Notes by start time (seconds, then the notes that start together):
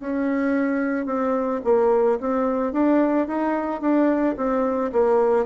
0.00 C#4
1.06 C4
1.64 A#3
2.20 C4
2.73 D4
3.27 D#4
3.81 D4
4.37 C4
4.92 A#3